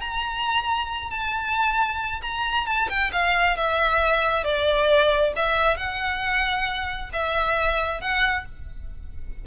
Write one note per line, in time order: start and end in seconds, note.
0.00 1.10 A#5
1.10 2.21 A5
2.22 2.66 A#5
2.66 2.88 A5
2.89 3.11 G5
3.12 3.57 F5
3.57 4.44 E5
4.44 5.33 D5
5.36 5.77 E5
5.77 7.10 F#5
7.13 8.01 E5
8.01 8.45 F#5